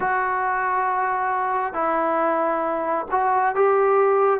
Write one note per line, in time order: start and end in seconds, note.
0.00 1.73 F#4
1.73 3.06 E4
3.11 3.55 F#4
3.55 4.40 G4